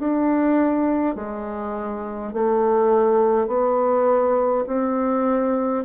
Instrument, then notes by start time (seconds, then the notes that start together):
bassoon
0.00 D4
1.16 G#3
2.34 A3
3.48 B3
4.67 C4